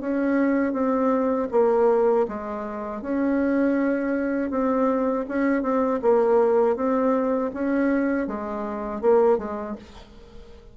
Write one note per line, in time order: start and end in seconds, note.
0.00 0.73 C#4
0.73 1.48 C4
1.51 2.26 A#3
2.27 3.01 G#3
3.01 4.50 C#4
4.50 5.25 C4
5.28 5.62 C#4
5.62 5.99 C4
6.02 6.76 A#3
6.76 7.51 C4
7.53 8.27 C#4
8.27 9.01 G#3
9.01 9.38 A#3
9.38 9.75 G#3